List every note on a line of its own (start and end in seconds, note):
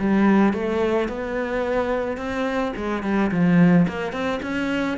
0.00 0.54 G3
0.54 1.09 A3
1.09 2.17 B3
2.17 2.73 C4
2.77 3.03 G#3
3.03 3.31 G3
3.32 3.87 F3
3.88 4.13 A#3
4.13 4.40 C4
4.43 4.98 C#4